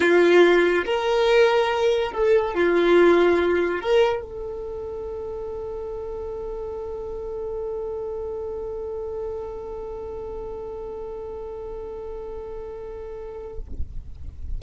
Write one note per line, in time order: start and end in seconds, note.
0.00 0.84 F4
0.85 2.11 A#4
2.11 2.54 A4
2.54 3.80 F4
3.80 4.22 A#4
4.22 13.58 A4